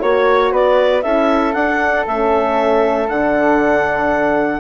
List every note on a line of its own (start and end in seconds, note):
0.00 0.52 A#3
0.00 1.03 F#4
0.00 0.52 C#5
0.52 1.04 B3
0.52 1.04 B4
0.52 1.03 D5
1.03 1.55 C#4
1.03 1.55 E4
1.03 4.61 A4
1.03 1.54 E5
1.54 2.06 D4
1.54 2.08 D4
1.54 2.05 F#5
2.07 3.10 A3
2.07 3.09 C#4
2.07 3.09 E5
3.09 4.61 D3
3.09 4.61 D4
3.09 4.61 F#5